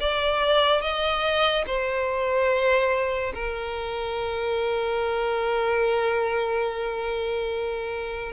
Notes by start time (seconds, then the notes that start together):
0.00 D5
0.81 D#5
1.67 C5
3.34 A#4